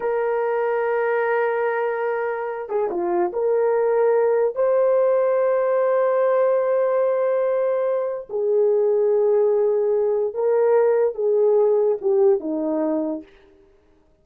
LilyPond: \new Staff \with { instrumentName = "horn" } { \time 4/4 \tempo 4 = 145 ais'1~ | ais'2~ ais'8 gis'8 f'4 | ais'2. c''4~ | c''1~ |
c''1 | gis'1~ | gis'4 ais'2 gis'4~ | gis'4 g'4 dis'2 | }